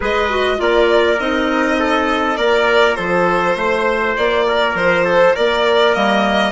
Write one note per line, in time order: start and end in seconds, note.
0.00 0.60 G#3
0.00 0.30 G#4
0.00 0.59 B4
0.00 0.60 D#5
0.30 0.57 F#4
0.57 1.19 A#3
0.57 1.17 F4
0.57 1.79 A#4
0.57 1.19 D5
1.19 2.37 C4
1.19 2.38 D#4
1.19 2.36 D#5
1.79 2.37 A4
2.36 2.97 A#3
2.36 5.93 F4
2.36 2.97 A#4
2.36 2.95 D5
2.95 3.56 F3
2.95 3.56 A4
2.95 4.13 C5
3.56 4.15 A3
3.56 4.46 C5
4.16 4.74 A#3
4.16 4.76 D5
4.47 5.04 A#4
4.74 5.33 F3
4.74 5.35 C5
5.04 5.34 A4
5.34 5.95 A#3
5.34 6.52 A#4
5.34 5.94 D5
5.93 6.52 G3
5.93 6.52 A#3
5.93 6.52 D#5